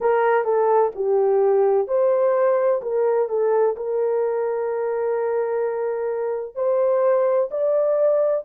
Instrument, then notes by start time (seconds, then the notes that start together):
horn
0.00 A#4
0.44 A4
0.95 G4
1.87 C5
2.81 A#4
3.29 A4
3.76 A#4
6.55 C5
7.50 D5